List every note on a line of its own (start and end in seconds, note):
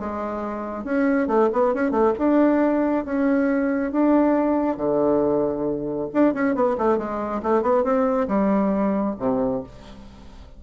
0.00 0.85 G#3
0.85 1.28 C#4
1.28 1.50 A3
1.53 1.75 B3
1.75 1.91 C#4
1.91 2.13 A3
2.19 3.05 D4
3.05 3.92 C#4
3.92 4.77 D4
4.77 6.09 D3
6.14 6.34 D4
6.34 6.55 C#4
6.55 6.77 B3
6.78 6.98 A3
6.98 7.42 G#3
7.43 7.62 A3
7.62 7.84 B3
7.84 8.28 C4
8.28 9.16 G3
9.19 9.63 C3